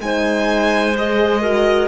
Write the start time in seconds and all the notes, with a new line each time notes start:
0.00 G#3 D#4 C5 G#5
0.97 G#4 D#5
1.41 F#4 A#4